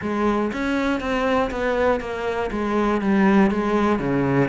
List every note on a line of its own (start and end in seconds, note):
0.01 0.51 G#3
0.53 1.00 C#4
1.00 1.50 C4
1.50 2.00 B3
2.00 2.50 A#3
2.51 3.01 G#3
3.01 3.50 G3
3.50 3.99 G#3
3.99 4.48 C#3